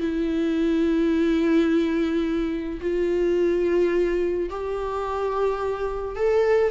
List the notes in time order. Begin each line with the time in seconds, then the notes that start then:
0.00 E4
2.81 F4
4.50 G4
6.16 A4